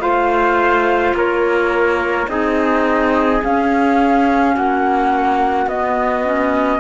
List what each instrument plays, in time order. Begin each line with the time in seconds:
0.00 cello A3, clarinet F4, trumpet C5, flute F5
1.14 cello A#3, trumpet A#4, flute C#5
2.28 cello C4, clarinet D#4, trumpet G#4, flute D#5
3.44 cello C#4, clarinet C#4, flute F5
4.55 cello A#3, trumpet F#4, flute F#5
5.67 cello B3, clarinet B3, flute D#5
6.25 clarinet C#4